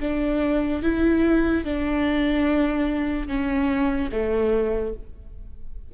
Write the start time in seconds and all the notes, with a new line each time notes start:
0.00 D4
0.82 E4
1.64 D4
3.28 C#4
4.11 A3